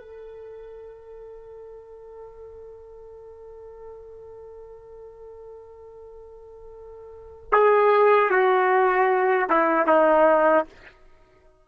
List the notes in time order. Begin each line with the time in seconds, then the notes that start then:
0.00 A4
7.52 G#4
8.30 F#4
9.50 E4
9.87 D#4